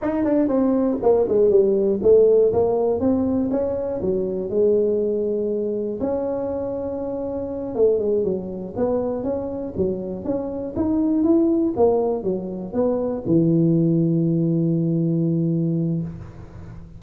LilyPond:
\new Staff \with { instrumentName = "tuba" } { \time 4/4 \tempo 4 = 120 dis'8 d'8 c'4 ais8 gis8 g4 | a4 ais4 c'4 cis'4 | fis4 gis2. | cis'2.~ cis'8 a8 |
gis8 fis4 b4 cis'4 fis8~ | fis8 cis'4 dis'4 e'4 ais8~ | ais8 fis4 b4 e4.~ | e1 | }